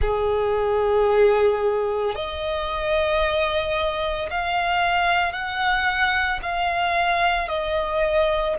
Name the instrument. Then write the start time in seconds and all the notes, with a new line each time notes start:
violin
0.00 G#4
2.15 D#5
4.30 F5
5.32 F#5
6.42 F5
7.48 D#5